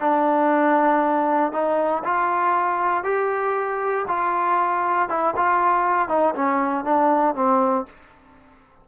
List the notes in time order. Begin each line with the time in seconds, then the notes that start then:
0.00 D4
1.52 D#4
2.04 F4
3.04 G4
4.08 F4
5.09 E4
5.36 F4
6.09 D#4
6.35 C#4
6.84 D4
7.35 C4